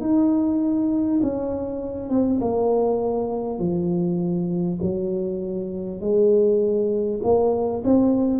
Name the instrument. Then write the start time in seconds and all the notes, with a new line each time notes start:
tuba
0.00 D#4
1.22 C#4
2.09 C4
2.41 A#3
3.58 F3
4.82 F#3
6.00 G#3
7.23 A#3
7.84 C4